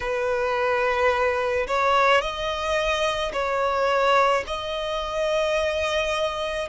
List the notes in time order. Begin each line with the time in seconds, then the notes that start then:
0.00 B4
1.67 C#5
2.21 D#5
3.32 C#5
4.46 D#5